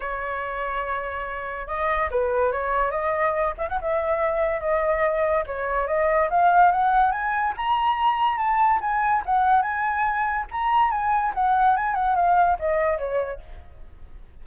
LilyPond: \new Staff \with { instrumentName = "flute" } { \time 4/4 \tempo 4 = 143 cis''1 | dis''4 b'4 cis''4 dis''4~ | dis''8 e''16 fis''16 e''2 dis''4~ | dis''4 cis''4 dis''4 f''4 |
fis''4 gis''4 ais''2 | a''4 gis''4 fis''4 gis''4~ | gis''4 ais''4 gis''4 fis''4 | gis''8 fis''8 f''4 dis''4 cis''4 | }